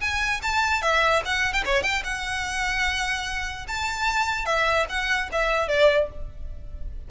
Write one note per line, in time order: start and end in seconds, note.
0.00 0.41 G#5
0.42 0.82 A5
0.82 1.22 E5
1.25 1.53 F#5
1.53 1.63 G5
1.65 1.82 C#5
1.82 2.03 G5
2.04 3.66 F#5
3.67 4.45 A5
4.45 4.86 E5
4.89 5.29 F#5
5.32 5.68 E5
5.68 6.08 D5